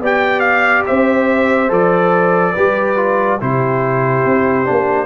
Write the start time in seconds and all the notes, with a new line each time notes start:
0.00 B3 G4 D5 G5
0.40 F5
0.87 C4 C5 E5
1.69 F3 A4 D5
2.54 G3 G4 B4
2.97 F4
3.40 C3 E4 G4 C5
4.26 C4
4.65 A#3 D4